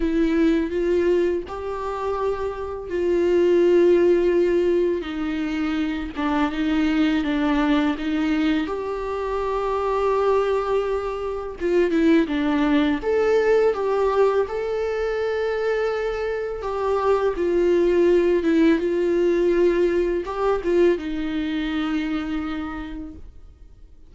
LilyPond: \new Staff \with { instrumentName = "viola" } { \time 4/4 \tempo 4 = 83 e'4 f'4 g'2 | f'2. dis'4~ | dis'8 d'8 dis'4 d'4 dis'4 | g'1 |
f'8 e'8 d'4 a'4 g'4 | a'2. g'4 | f'4. e'8 f'2 | g'8 f'8 dis'2. | }